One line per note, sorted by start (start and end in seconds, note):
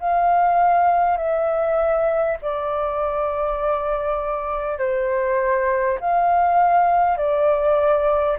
0.00 1.17 F5
1.17 2.37 E5
2.42 4.78 D5
4.78 5.98 C5
6.00 7.17 F5
7.17 8.37 D5